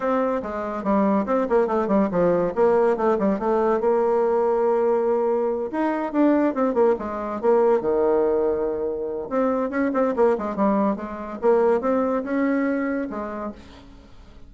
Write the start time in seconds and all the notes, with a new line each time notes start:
0.00 C4
0.42 G#3
0.83 G3
1.26 C4
1.49 A#3
1.67 A3
1.87 G3
2.11 F3
2.55 A#3
2.96 A3
3.18 G3
3.39 A3
3.80 A#3
5.71 D#4
6.12 D4
6.54 C4
6.74 A#3
6.99 G#3
7.41 A#3
7.80 D#3
9.29 C4
9.70 C#4
9.93 C4
10.15 A#3
10.38 G#3
10.56 G3
10.96 G#3
11.41 A#3
11.80 C4
12.23 C#4
13.09 G#3